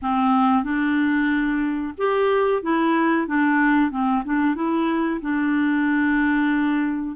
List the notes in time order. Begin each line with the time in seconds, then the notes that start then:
0.02 C4
0.63 D4
1.97 G4
2.62 E4
3.27 D4
3.90 C4
4.24 D4
4.55 E4
5.21 D4